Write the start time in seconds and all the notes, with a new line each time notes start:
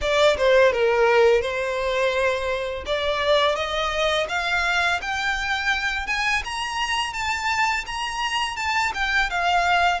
0.01 D5
0.37 C5
0.72 A#4
1.41 C5
2.86 D5
3.55 D#5
4.29 F5
5.01 G5
6.06 G#5
6.44 A#5
7.13 A5
7.86 A#5
8.56 A5
8.94 G5
9.30 F5